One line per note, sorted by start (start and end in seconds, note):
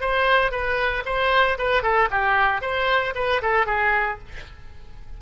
0.00 0.51 C5
0.51 1.03 B4
1.05 1.57 C5
1.58 1.82 B4
1.82 2.08 A4
2.10 2.61 G4
2.61 3.13 C5
3.15 3.41 B4
3.41 3.66 A4
3.66 4.18 G#4